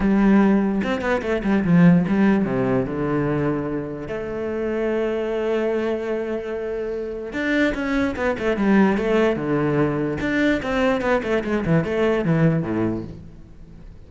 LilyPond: \new Staff \with { instrumentName = "cello" } { \time 4/4 \tempo 4 = 147 g2 c'8 b8 a8 g8 | f4 g4 c4 d4~ | d2 a2~ | a1~ |
a2 d'4 cis'4 | b8 a8 g4 a4 d4~ | d4 d'4 c'4 b8 a8 | gis8 e8 a4 e4 a,4 | }